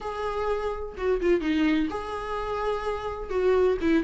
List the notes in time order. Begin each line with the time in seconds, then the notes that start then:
0.00 G#4
0.97 F#4
1.21 F4
1.40 D#4
1.89 G#4
3.30 F#4
3.81 E4